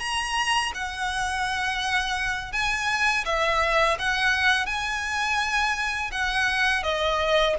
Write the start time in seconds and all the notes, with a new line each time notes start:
0.00 A#5
0.75 F#5
2.53 G#5
3.26 E5
3.99 F#5
4.67 G#5
6.12 F#5
6.83 D#5